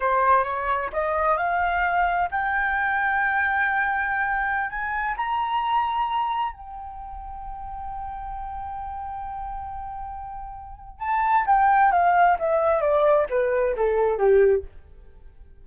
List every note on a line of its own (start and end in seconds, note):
0.00 0.44 C5
0.44 0.90 C#5
0.92 1.37 D#5
1.37 2.28 F5
2.31 4.69 G5
4.69 5.15 G#5
5.16 6.52 A#5
6.52 10.99 G5
10.99 11.45 A5
11.46 11.91 G5
11.91 12.37 F5
12.38 12.81 E5
12.81 13.27 D5
13.29 13.75 B4
13.76 14.18 A4
14.18 14.63 G4